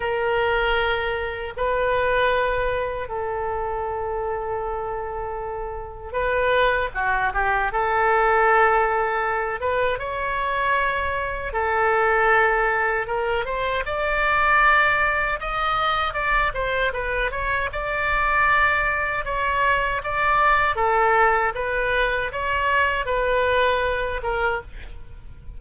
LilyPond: \new Staff \with { instrumentName = "oboe" } { \time 4/4 \tempo 4 = 78 ais'2 b'2 | a'1 | b'4 fis'8 g'8 a'2~ | a'8 b'8 cis''2 a'4~ |
a'4 ais'8 c''8 d''2 | dis''4 d''8 c''8 b'8 cis''8 d''4~ | d''4 cis''4 d''4 a'4 | b'4 cis''4 b'4. ais'8 | }